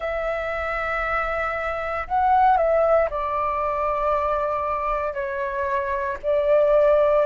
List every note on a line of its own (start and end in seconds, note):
0.00 2.07 E5
2.07 2.57 F#5
2.57 3.08 E5
3.09 5.13 D5
5.13 6.17 C#5
6.23 7.26 D5